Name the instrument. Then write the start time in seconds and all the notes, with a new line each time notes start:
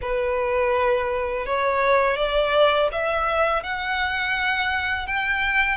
violin
0.01 B4
1.46 C#5
2.17 D5
2.91 E5
3.63 F#5
5.06 G5